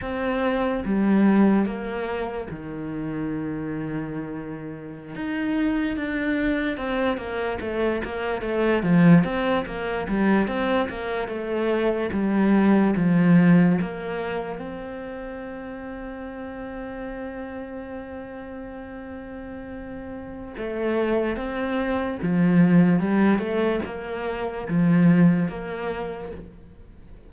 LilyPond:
\new Staff \with { instrumentName = "cello" } { \time 4/4 \tempo 4 = 73 c'4 g4 ais4 dis4~ | dis2~ dis16 dis'4 d'8.~ | d'16 c'8 ais8 a8 ais8 a8 f8 c'8 ais16~ | ais16 g8 c'8 ais8 a4 g4 f16~ |
f8. ais4 c'2~ c'16~ | c'1~ | c'4 a4 c'4 f4 | g8 a8 ais4 f4 ais4 | }